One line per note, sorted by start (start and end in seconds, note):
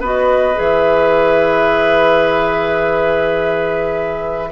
0.00 0.55 B3
0.00 0.55 F#4
0.00 4.50 B4
0.00 0.59 D#5
0.55 4.52 E3
0.55 4.50 G#4
0.55 4.52 E5